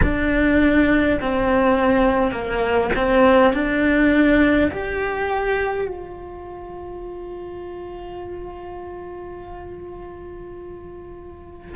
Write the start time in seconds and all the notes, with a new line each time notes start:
0.02 D4
1.21 C4
2.32 A#3
2.95 C4
3.53 D4
4.71 G4
5.87 F4